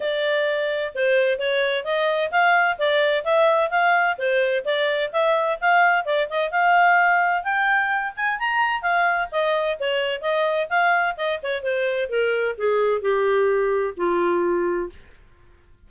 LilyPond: \new Staff \with { instrumentName = "clarinet" } { \time 4/4 \tempo 4 = 129 d''2 c''4 cis''4 | dis''4 f''4 d''4 e''4 | f''4 c''4 d''4 e''4 | f''4 d''8 dis''8 f''2 |
g''4. gis''8 ais''4 f''4 | dis''4 cis''4 dis''4 f''4 | dis''8 cis''8 c''4 ais'4 gis'4 | g'2 f'2 | }